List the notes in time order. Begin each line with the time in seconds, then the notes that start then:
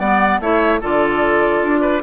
0.00 G3 B3 D5 F#5
0.40 A3 E4 C#5 E5
0.81 D3 F4 A4 D5
1.63 D4
1.82 B4